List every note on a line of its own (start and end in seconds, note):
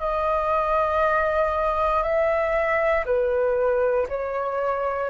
0.00 2.03 D#5
2.03 3.05 E5
3.06 4.07 B4
4.09 5.10 C#5